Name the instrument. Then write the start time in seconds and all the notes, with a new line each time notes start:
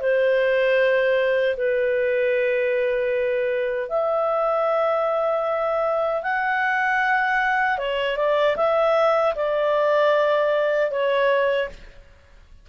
clarinet
0.00 C5
1.57 B4
3.89 E5
6.23 F#5
7.78 C#5
8.17 D5
8.56 E5
9.35 D5
10.91 C#5